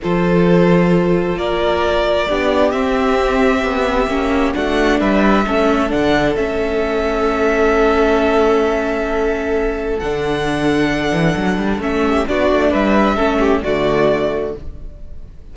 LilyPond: <<
  \new Staff \with { instrumentName = "violin" } { \time 4/4 \tempo 4 = 132 c''2. d''4~ | d''2 e''2~ | e''2 fis''4 e''4~ | e''4 fis''4 e''2~ |
e''1~ | e''2 fis''2~ | fis''2 e''4 d''4 | e''2 d''2 | }
  \new Staff \with { instrumentName = "violin" } { \time 4/4 a'2. ais'4~ | ais'4 g'2.~ | g'2 fis'4 b'4 | a'1~ |
a'1~ | a'1~ | a'2~ a'8 g'8 fis'4 | b'4 a'8 g'8 fis'2 | }
  \new Staff \with { instrumentName = "viola" } { \time 4/4 f'1~ | f'4 d'4 c'2~ | c'4 cis'4 d'2 | cis'4 d'4 cis'2~ |
cis'1~ | cis'2 d'2~ | d'2 cis'4 d'4~ | d'4 cis'4 a2 | }
  \new Staff \with { instrumentName = "cello" } { \time 4/4 f2. ais4~ | ais4 b4 c'2 | b4 ais4 a4 g4 | a4 d4 a2~ |
a1~ | a2 d2~ | d8 e8 fis8 g8 a4 b8 a8 | g4 a4 d2 | }
>>